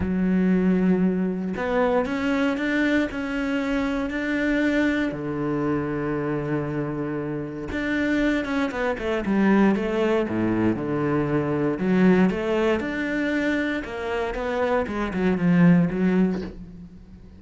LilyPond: \new Staff \with { instrumentName = "cello" } { \time 4/4 \tempo 4 = 117 fis2. b4 | cis'4 d'4 cis'2 | d'2 d2~ | d2. d'4~ |
d'8 cis'8 b8 a8 g4 a4 | a,4 d2 fis4 | a4 d'2 ais4 | b4 gis8 fis8 f4 fis4 | }